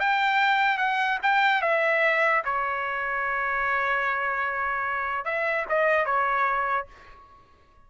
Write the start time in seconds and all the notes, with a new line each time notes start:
0.00 G5
0.78 F#5
1.23 G5
1.62 E5
2.45 C#5
5.25 E5
5.69 D#5
6.06 C#5